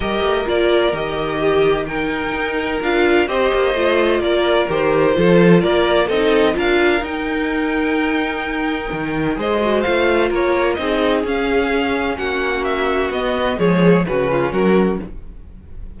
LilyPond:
<<
  \new Staff \with { instrumentName = "violin" } { \time 4/4 \tempo 4 = 128 dis''4 d''4 dis''2 | g''2 f''4 dis''4~ | dis''4 d''4 c''2 | d''4 dis''4 f''4 g''4~ |
g''1 | dis''4 f''4 cis''4 dis''4 | f''2 fis''4 e''4 | dis''4 cis''4 b'4 ais'4 | }
  \new Staff \with { instrumentName = "violin" } { \time 4/4 ais'2. g'4 | ais'2. c''4~ | c''4 ais'2 a'4 | ais'4 a'4 ais'2~ |
ais'1 | c''2 ais'4 gis'4~ | gis'2 fis'2~ | fis'4 gis'4 fis'8 f'8 fis'4 | }
  \new Staff \with { instrumentName = "viola" } { \time 4/4 g'4 f'4 g'2 | dis'2 f'4 g'4 | f'2 g'4 f'4~ | f'4 dis'4 f'4 dis'4~ |
dis'1 | gis'8 fis'8 f'2 dis'4 | cis'1 | b4 gis4 cis'2 | }
  \new Staff \with { instrumentName = "cello" } { \time 4/4 g8 a8 ais4 dis2~ | dis4 dis'4 d'4 c'8 ais8 | a4 ais4 dis4 f4 | ais4 c'4 d'4 dis'4~ |
dis'2. dis4 | gis4 a4 ais4 c'4 | cis'2 ais2 | b4 f4 cis4 fis4 | }
>>